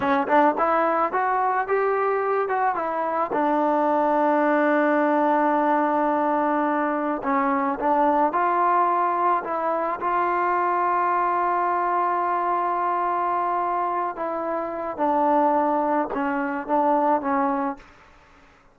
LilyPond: \new Staff \with { instrumentName = "trombone" } { \time 4/4 \tempo 4 = 108 cis'8 d'8 e'4 fis'4 g'4~ | g'8 fis'8 e'4 d'2~ | d'1~ | d'4 cis'4 d'4 f'4~ |
f'4 e'4 f'2~ | f'1~ | f'4. e'4. d'4~ | d'4 cis'4 d'4 cis'4 | }